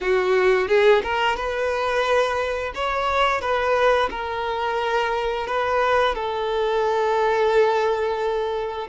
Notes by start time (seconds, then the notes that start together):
0.01 F#4
0.68 G#4
1.03 A#4
1.36 B4
2.74 C#5
3.41 B4
4.10 A#4
5.46 B4
6.14 A4